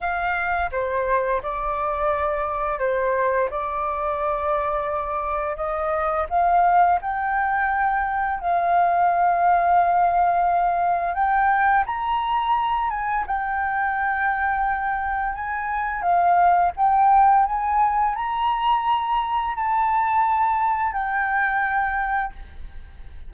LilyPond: \new Staff \with { instrumentName = "flute" } { \time 4/4 \tempo 4 = 86 f''4 c''4 d''2 | c''4 d''2. | dis''4 f''4 g''2 | f''1 |
g''4 ais''4. gis''8 g''4~ | g''2 gis''4 f''4 | g''4 gis''4 ais''2 | a''2 g''2 | }